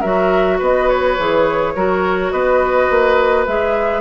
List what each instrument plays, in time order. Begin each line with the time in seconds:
0.00 bassoon F#3, clarinet F#4, oboe A#4, flute E5
0.58 bassoon B3, oboe B4, flute D#5
0.89 flute C#5
1.18 bassoon E3, clarinet G#4
1.75 bassoon F#3, clarinet F#4, oboe A#4
2.31 bassoon B3, oboe B4, flute D#5
2.90 bassoon A#3
3.46 bassoon G#3, clarinet G#4, flute E5